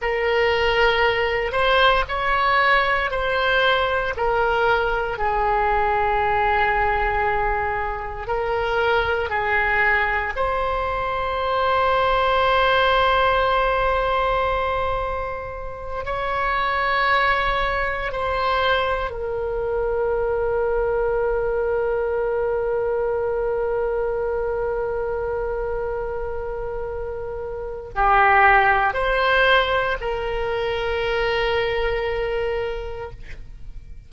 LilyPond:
\new Staff \with { instrumentName = "oboe" } { \time 4/4 \tempo 4 = 58 ais'4. c''8 cis''4 c''4 | ais'4 gis'2. | ais'4 gis'4 c''2~ | c''2.~ c''8 cis''8~ |
cis''4. c''4 ais'4.~ | ais'1~ | ais'2. g'4 | c''4 ais'2. | }